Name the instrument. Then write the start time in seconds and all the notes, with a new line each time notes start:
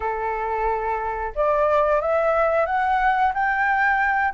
flute
0.00 A4
1.35 D5
2.01 E5
2.65 F#5
3.34 G5